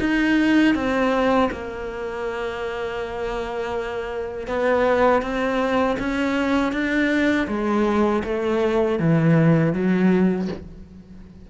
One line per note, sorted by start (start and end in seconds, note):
0.00 0.75 D#4
0.75 1.50 C4
1.51 4.47 A#3
4.47 5.22 B3
5.22 5.97 C4
5.99 6.72 C#4
6.72 7.47 D4
7.48 8.23 G#3
8.24 8.99 A3
8.99 9.73 E3
9.73 10.48 F#3